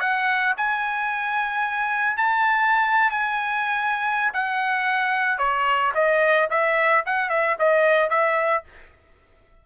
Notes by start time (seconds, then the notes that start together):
0.00 F#5
0.57 G#5
2.16 A5
3.11 G#5
4.33 F#5
5.38 C#5
5.94 D#5
6.50 E5
7.05 F#5
7.29 E5
7.58 D#5
8.09 E5